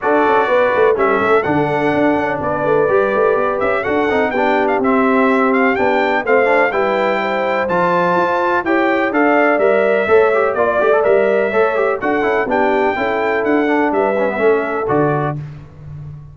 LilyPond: <<
  \new Staff \with { instrumentName = "trumpet" } { \time 4/4 \tempo 4 = 125 d''2 e''4 fis''4~ | fis''4 d''2~ d''8 e''8 | fis''4 g''8. f''16 e''4. f''8 | g''4 f''4 g''2 |
a''2 g''4 f''4 | e''2 d''4 e''4~ | e''4 fis''4 g''2 | fis''4 e''2 d''4 | }
  \new Staff \with { instrumentName = "horn" } { \time 4/4 a'4 b'4 a'2~ | a'4 b'2. | a'4 g'2.~ | g'4 c''4 b'4 c''4~ |
c''2 cis''4 d''4~ | d''4 cis''4 d''2 | cis''4 a'4 g'4 a'4~ | a'4 b'4 a'2 | }
  \new Staff \with { instrumentName = "trombone" } { \time 4/4 fis'2 cis'4 d'4~ | d'2 g'2 | fis'8 dis'8 d'4 c'2 | d'4 c'8 d'8 e'2 |
f'2 g'4 a'4 | ais'4 a'8 g'8 f'8 g'16 a'16 ais'4 | a'8 g'8 fis'8 e'8 d'4 e'4~ | e'8 d'4 cis'16 b16 cis'4 fis'4 | }
  \new Staff \with { instrumentName = "tuba" } { \time 4/4 d'8 cis'8 b8 a8 g8 a8 d4 | d'8 cis'8 b8 a8 g8 a8 b8 cis'8 | d'8 c'8 b4 c'2 | b4 a4 g2 |
f4 f'4 e'4 d'4 | g4 a4 ais8 a8 g4 | a4 d'8 cis'8 b4 cis'4 | d'4 g4 a4 d4 | }
>>